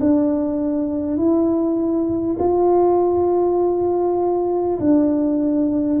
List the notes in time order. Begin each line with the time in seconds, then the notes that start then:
0.00 D4
1.17 E4
2.39 F4
4.79 D4